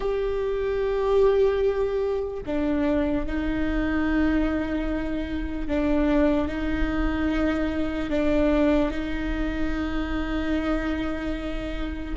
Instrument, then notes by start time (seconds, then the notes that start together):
viola
0.00 G4
2.45 D4
3.26 D#4
5.67 D4
6.48 D#4
8.09 D4
8.90 D#4